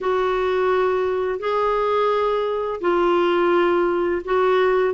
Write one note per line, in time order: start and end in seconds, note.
0.00 1.39 F#4
1.39 2.80 G#4
2.80 4.22 F4
4.24 4.94 F#4